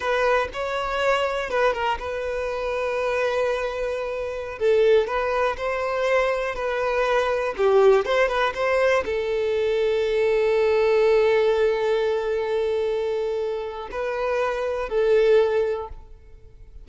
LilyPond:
\new Staff \with { instrumentName = "violin" } { \time 4/4 \tempo 4 = 121 b'4 cis''2 b'8 ais'8 | b'1~ | b'4~ b'16 a'4 b'4 c''8.~ | c''4~ c''16 b'2 g'8.~ |
g'16 c''8 b'8 c''4 a'4.~ a'16~ | a'1~ | a'1 | b'2 a'2 | }